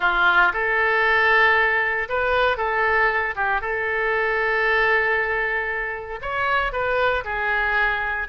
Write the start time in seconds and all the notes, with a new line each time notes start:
0.00 F4
0.53 A4
2.08 B4
2.57 A4
3.35 G4
3.61 A4
6.21 C#5
6.72 B4
7.24 G#4